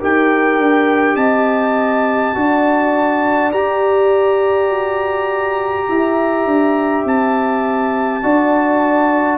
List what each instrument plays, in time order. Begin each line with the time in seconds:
0.00 tuba D#4, trombone G4, horn A#4, trumpet G5
0.58 tuba D4
1.15 tuba C4, horn D#5, trumpet A5
2.35 tuba D4, trombone F#4, horn D5
3.52 tuba G4, trombone G4, trumpet A#5
4.70 tuba F#4
5.89 tuba E4, horn E5
6.46 tuba D4
7.05 tuba C4, trumpet A5
8.23 tuba D4, trombone F#4, horn D5